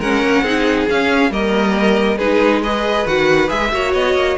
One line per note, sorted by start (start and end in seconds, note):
0.00 0.22 G#3
0.00 0.45 C#4
0.00 0.44 A#4
0.00 0.89 F#5
0.22 0.42 A#3
0.42 0.85 C4
0.42 0.89 D#4
0.42 1.31 G#4
0.89 1.30 C#4
0.89 1.31 C#4
0.89 1.33 F5
1.30 2.18 G3
1.30 2.19 A#3
1.30 2.18 A#4
1.30 2.19 D#5
2.18 3.06 G#3
2.18 2.64 D#4
2.18 2.62 G#4
2.18 2.62 B4
2.62 3.07 G#4
2.62 3.72 B4
2.62 3.07 D#5
3.07 3.50 D#3
3.07 3.49 F#4
3.07 3.50 F#5
3.49 3.73 G#3
3.49 3.70 G#4
3.49 3.93 E5
3.73 3.94 A#3
3.73 4.38 F#4
3.73 4.38 C#5
3.94 4.14 B3
3.94 4.38 D#5
4.14 4.36 A#3